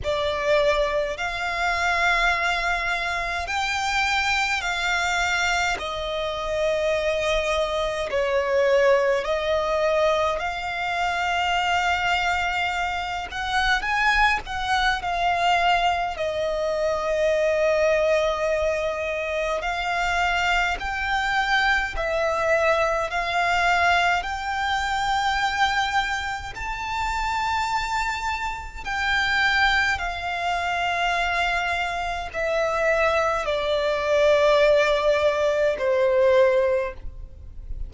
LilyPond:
\new Staff \with { instrumentName = "violin" } { \time 4/4 \tempo 4 = 52 d''4 f''2 g''4 | f''4 dis''2 cis''4 | dis''4 f''2~ f''8 fis''8 | gis''8 fis''8 f''4 dis''2~ |
dis''4 f''4 g''4 e''4 | f''4 g''2 a''4~ | a''4 g''4 f''2 | e''4 d''2 c''4 | }